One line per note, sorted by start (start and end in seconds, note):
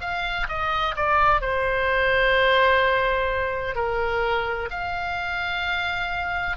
0.00 0.47 F5
0.48 0.95 D#5
0.96 1.41 D5
1.41 3.75 C5
3.75 4.69 A#4
4.70 6.57 F5